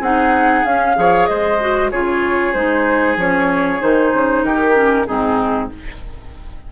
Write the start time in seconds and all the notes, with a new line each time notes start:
0.00 C4 D#4 G#4 F#5
0.65 C#4 F5
0.95 F3 G#4 C#5
1.26 G#3 C5 D#5
1.60 F#4
1.90 C#3 F4 G#4 C#5
2.53 G#3 D#4 C5
3.16 F3 C#4 C#5
3.79 D#3 D#4 C5
4.13 C#3
4.43 D#3 G4 A#4
4.74 C#4
5.06 G#2 C4 D#4 G#4